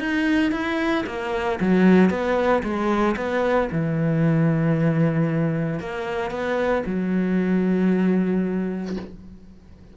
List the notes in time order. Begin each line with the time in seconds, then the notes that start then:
0.00 D#4
0.52 E4
1.07 A#3
1.61 F#3
2.10 B3
2.63 G#3
3.17 B3
3.72 E3
5.80 A#3
6.31 B3
6.86 F#3